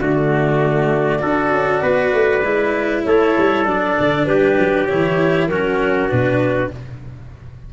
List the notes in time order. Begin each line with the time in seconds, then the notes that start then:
0.00 D3 A3 F#4 D5
1.19 D4 F#4 A4
1.52 C#4
1.82 B3 B4
2.13 A3
2.44 G#3 E4
3.04 A3 A4 C#5
3.37 G3
3.65 F#3 D4 D5
4.00 D3
4.26 G3 G4 B4
4.59 F#3
4.87 E3 E4 C#5
5.48 F#3 C#4 F#4 A#4
6.09 B2 D4 B4